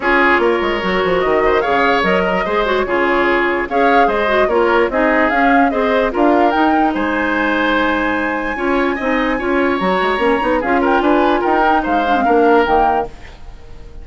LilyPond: <<
  \new Staff \with { instrumentName = "flute" } { \time 4/4 \tempo 4 = 147 cis''2. dis''4 | f''4 dis''4. cis''4.~ | cis''4 f''4 dis''4 cis''4 | dis''4 f''4 dis''4 f''4 |
g''4 gis''2.~ | gis''1 | ais''2 f''8 g''8 gis''4 | g''4 f''2 g''4 | }
  \new Staff \with { instrumentName = "oboe" } { \time 4/4 gis'4 ais'2~ ais'8 c''8 | cis''4. ais'8 c''4 gis'4~ | gis'4 cis''4 c''4 ais'4 | gis'2 c''4 ais'4~ |
ais'4 c''2.~ | c''4 cis''4 dis''4 cis''4~ | cis''2 gis'8 ais'8 b'4 | ais'4 c''4 ais'2 | }
  \new Staff \with { instrumentName = "clarinet" } { \time 4/4 f'2 fis'2 | gis'4 ais'4 gis'8 fis'8 f'4~ | f'4 gis'4. fis'8 f'4 | dis'4 cis'4 gis'4 f'4 |
dis'1~ | dis'4 f'4 dis'4 f'4 | fis'4 cis'8 dis'8 f'2~ | f'8 dis'4 d'16 c'16 d'4 ais4 | }
  \new Staff \with { instrumentName = "bassoon" } { \time 4/4 cis'4 ais8 gis8 fis8 f8 dis4 | cis4 fis4 gis4 cis4~ | cis4 cis'4 gis4 ais4 | c'4 cis'4 c'4 d'4 |
dis'4 gis2.~ | gis4 cis'4 c'4 cis'4 | fis8 gis8 ais8 b8 cis'4 d'4 | dis'4 gis4 ais4 dis4 | }
>>